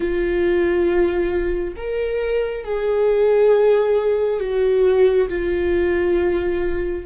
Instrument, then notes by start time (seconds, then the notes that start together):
viola
0.00 F4
1.76 A#4
2.64 G#4
4.40 F#4
5.28 F4